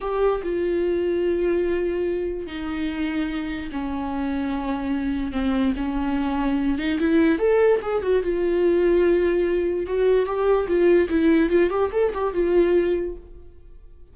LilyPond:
\new Staff \with { instrumentName = "viola" } { \time 4/4 \tempo 4 = 146 g'4 f'2.~ | f'2 dis'2~ | dis'4 cis'2.~ | cis'4 c'4 cis'2~ |
cis'8 dis'8 e'4 a'4 gis'8 fis'8 | f'1 | fis'4 g'4 f'4 e'4 | f'8 g'8 a'8 g'8 f'2 | }